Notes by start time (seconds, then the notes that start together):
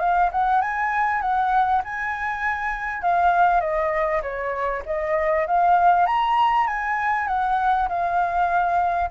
0.00 F5
0.32 F#5
0.61 G#5
1.22 F#5
1.85 G#5
3.02 F5
3.61 D#5
4.22 C#5
4.86 D#5
5.47 F5
6.07 A#5
6.67 G#5
7.28 F#5
7.89 F5